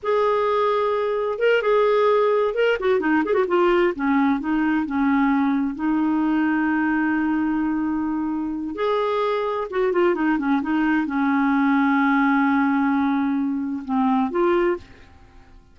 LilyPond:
\new Staff \with { instrumentName = "clarinet" } { \time 4/4 \tempo 4 = 130 gis'2. ais'8 gis'8~ | gis'4. ais'8 fis'8 dis'8 gis'16 fis'16 f'8~ | f'8 cis'4 dis'4 cis'4.~ | cis'8 dis'2.~ dis'8~ |
dis'2. gis'4~ | gis'4 fis'8 f'8 dis'8 cis'8 dis'4 | cis'1~ | cis'2 c'4 f'4 | }